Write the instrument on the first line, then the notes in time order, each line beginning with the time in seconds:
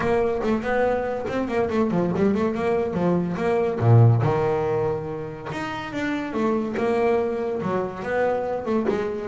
double bass
0.00 A#3
0.43 A3
0.62 B3
1.28 C4
1.48 A#3
1.70 A3
1.91 F3
2.15 G3
2.34 A3
2.54 A#3
2.93 F3
3.36 A#3
3.79 A#2
4.22 D#3
5.51 D#4
5.93 D4
6.33 A3
6.77 A#3
7.62 F#3
8.03 B3
8.65 A3
8.88 G#3